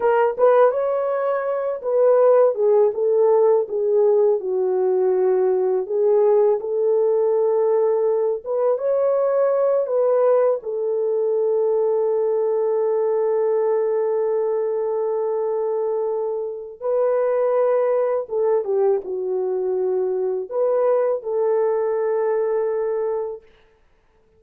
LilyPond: \new Staff \with { instrumentName = "horn" } { \time 4/4 \tempo 4 = 82 ais'8 b'8 cis''4. b'4 gis'8 | a'4 gis'4 fis'2 | gis'4 a'2~ a'8 b'8 | cis''4. b'4 a'4.~ |
a'1~ | a'2. b'4~ | b'4 a'8 g'8 fis'2 | b'4 a'2. | }